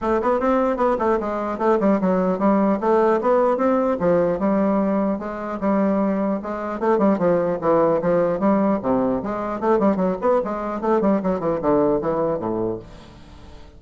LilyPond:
\new Staff \with { instrumentName = "bassoon" } { \time 4/4 \tempo 4 = 150 a8 b8 c'4 b8 a8 gis4 | a8 g8 fis4 g4 a4 | b4 c'4 f4 g4~ | g4 gis4 g2 |
gis4 a8 g8 f4 e4 | f4 g4 c4 gis4 | a8 g8 fis8 b8 gis4 a8 g8 | fis8 e8 d4 e4 a,4 | }